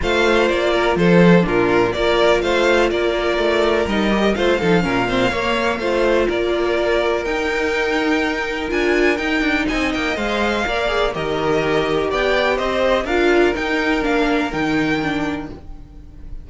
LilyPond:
<<
  \new Staff \with { instrumentName = "violin" } { \time 4/4 \tempo 4 = 124 f''4 d''4 c''4 ais'4 | d''4 f''4 d''2 | dis''4 f''2.~ | f''4 d''2 g''4~ |
g''2 gis''4 g''4 | gis''8 g''8 f''2 dis''4~ | dis''4 g''4 dis''4 f''4 | g''4 f''4 g''2 | }
  \new Staff \with { instrumentName = "violin" } { \time 4/4 c''4. ais'8 a'4 f'4 | ais'4 c''4 ais'2~ | ais'4 c''8 a'8 ais'8 c''8 cis''4 | c''4 ais'2.~ |
ais'1 | dis''2 d''4 ais'4~ | ais'4 d''4 c''4 ais'4~ | ais'1 | }
  \new Staff \with { instrumentName = "viola" } { \time 4/4 f'2. d'4 | f'1 | dis'8 g'8 f'8 dis'8 cis'8 c'8 ais4 | f'2. dis'4~ |
dis'2 f'4 dis'4~ | dis'4 c''4 ais'8 gis'8 g'4~ | g'2. f'4 | dis'4 d'4 dis'4 d'4 | }
  \new Staff \with { instrumentName = "cello" } { \time 4/4 a4 ais4 f4 ais,4 | ais4 a4 ais4 a4 | g4 a8 f8 ais,4 ais4 | a4 ais2 dis'4~ |
dis'2 d'4 dis'8 d'8 | c'8 ais8 gis4 ais4 dis4~ | dis4 b4 c'4 d'4 | dis'4 ais4 dis2 | }
>>